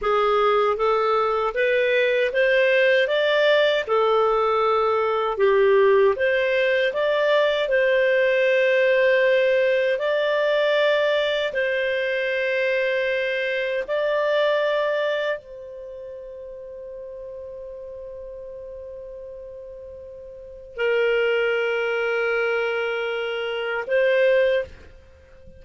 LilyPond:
\new Staff \with { instrumentName = "clarinet" } { \time 4/4 \tempo 4 = 78 gis'4 a'4 b'4 c''4 | d''4 a'2 g'4 | c''4 d''4 c''2~ | c''4 d''2 c''4~ |
c''2 d''2 | c''1~ | c''2. ais'4~ | ais'2. c''4 | }